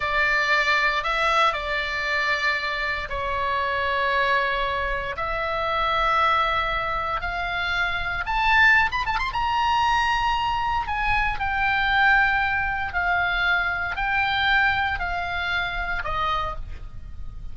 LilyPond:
\new Staff \with { instrumentName = "oboe" } { \time 4/4 \tempo 4 = 116 d''2 e''4 d''4~ | d''2 cis''2~ | cis''2 e''2~ | e''2 f''2 |
a''4~ a''16 b''16 a''16 c'''16 ais''2~ | ais''4 gis''4 g''2~ | g''4 f''2 g''4~ | g''4 f''2 dis''4 | }